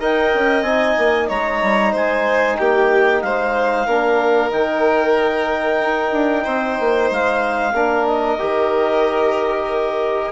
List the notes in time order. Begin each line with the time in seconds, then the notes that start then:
0.00 D#4 A#4 D#5 G5
0.34 C#4
0.63 C4 D#4 G#5
0.98 A#3
1.29 G#3 C#5 A#5
1.63 G3
1.92 G#3 C5 G#5
2.58 A#3 G4 G5
3.22 G#3 C5 F5
3.87 A#3 D4 A#4
4.51 D#3 D#4 G5
5.81 D#4
6.12 D4
6.44 C4 C5
6.80 A#3
7.11 G#3 F5
7.74 A#3 D4 A#4
8.07 D#5
8.39 D#3 G4